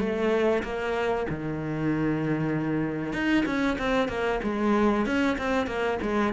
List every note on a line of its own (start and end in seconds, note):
0.00 0.63 A3
0.64 1.27 A#3
1.30 3.13 D#3
3.13 3.45 D#4
3.46 3.78 C#4
3.79 4.09 C4
4.09 4.41 A#3
4.44 5.06 G#3
5.06 5.38 C#4
5.39 5.67 C4
5.67 5.99 A#3
6.02 6.34 G#3